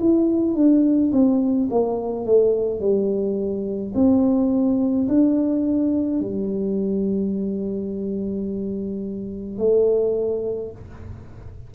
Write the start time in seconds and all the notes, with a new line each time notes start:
0.00 E4
0.55 D4
1.12 C4
1.71 A#3
2.26 A3
2.80 G3
3.95 C4
5.08 D4
6.21 G3
9.59 A3